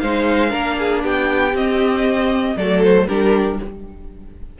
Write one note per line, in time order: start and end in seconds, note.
0.00 0.53 G#3
0.00 0.50 D#4
0.00 0.50 C5
0.00 1.02 F5
0.50 1.04 A#3
0.50 1.51 D4
0.50 0.75 A#4
0.78 1.03 G#4
1.03 1.54 B3
1.03 2.56 G4
1.03 1.56 G5
1.54 2.56 C4
1.54 2.57 C4
1.54 2.57 D#5
2.57 3.08 F#3
2.57 3.09 A3
2.57 3.08 A4
2.57 2.83 D5
2.84 3.08 C5
3.08 3.59 G3
3.08 3.59 D4
3.08 3.59 G4
3.08 3.59 A#4